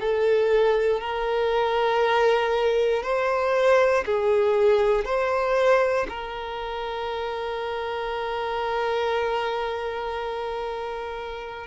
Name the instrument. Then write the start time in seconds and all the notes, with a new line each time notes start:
violin
0.00 A4
1.01 A#4
3.03 C5
4.06 G#4
5.05 C5
6.09 A#4